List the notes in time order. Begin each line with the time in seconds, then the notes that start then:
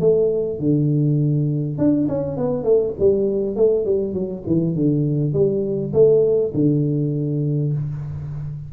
0.00 A3
0.59 D3
1.78 D4
2.08 C#4
2.37 B3
2.64 A3
2.99 G3
3.56 A3
3.85 G3
4.14 F#3
4.47 E3
4.75 D3
5.33 G3
5.93 A3
6.54 D3